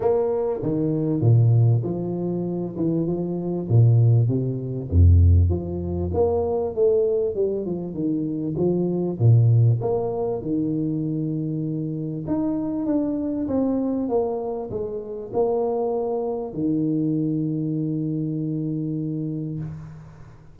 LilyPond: \new Staff \with { instrumentName = "tuba" } { \time 4/4 \tempo 4 = 98 ais4 dis4 ais,4 f4~ | f8 e8 f4 ais,4 c4 | f,4 f4 ais4 a4 | g8 f8 dis4 f4 ais,4 |
ais4 dis2. | dis'4 d'4 c'4 ais4 | gis4 ais2 dis4~ | dis1 | }